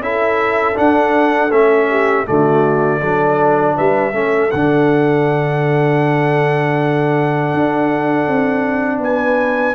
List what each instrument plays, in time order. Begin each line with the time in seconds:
0.00 tuba C#4, trombone E4, horn A4, trumpet E5
0.75 trombone D4, tuba D4, trumpet F#5
1.50 tuba A3, trombone C#4, trumpet E5
1.89 horn G4
2.26 tuba D3, trombone A3, horn F#4, trumpet D5
3.00 tuba F#3, trombone D4, horn A4
3.75 tuba G3, horn B4, trumpet E5
4.12 tuba A3, trombone C#4, horn A4
4.51 tuba D3, trombone D4, trumpet F#5
7.53 tuba D4
8.27 tuba C4
8.99 tuba B3, horn B4, trumpet G#5